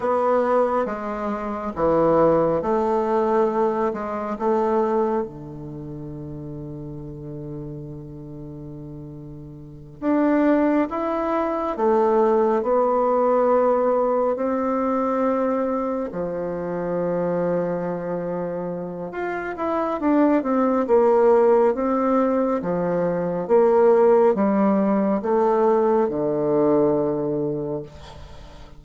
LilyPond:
\new Staff \with { instrumentName = "bassoon" } { \time 4/4 \tempo 4 = 69 b4 gis4 e4 a4~ | a8 gis8 a4 d2~ | d2.~ d8 d'8~ | d'8 e'4 a4 b4.~ |
b8 c'2 f4.~ | f2 f'8 e'8 d'8 c'8 | ais4 c'4 f4 ais4 | g4 a4 d2 | }